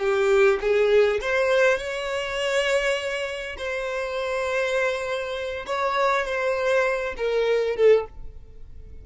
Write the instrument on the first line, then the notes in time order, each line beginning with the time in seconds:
violin
0.00 G4
0.61 G#4
1.21 C5
1.78 C#5
3.58 C5
5.66 C#5
6.26 C5
7.17 A#4
7.76 A4